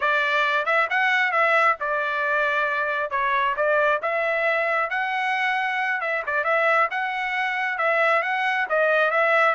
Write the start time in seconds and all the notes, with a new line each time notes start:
0.00 D5
0.65 E5
0.90 F#5
1.31 E5
1.80 D5
3.10 C#5
3.56 D5
4.02 E5
4.90 F#5
6.00 E5
6.26 D5
6.44 E5
6.90 F#5
7.78 E5
8.22 F#5
8.69 D#5
9.10 E5